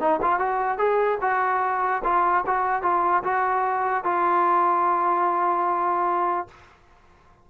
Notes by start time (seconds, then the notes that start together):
0.00 D#4
0.22 F4
0.40 F#4
0.78 G#4
1.22 F#4
2.04 F4
2.47 F#4
2.83 F4
3.24 F#4
4.04 F4